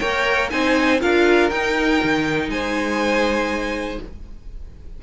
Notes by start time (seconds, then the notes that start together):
0.00 A#3 A#4 C#5 G5
0.51 C4 D#4 C5 G#5
1.01 D4 F4 A#4 F5
1.50 D#4 G5
2.04 D#3
2.49 G#3 C5 G#5